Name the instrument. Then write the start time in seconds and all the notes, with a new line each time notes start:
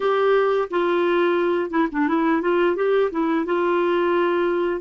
clarinet
0.00 G4
0.70 F4
1.70 E4
1.91 D4
2.08 E4
2.41 F4
2.76 G4
3.11 E4
3.45 F4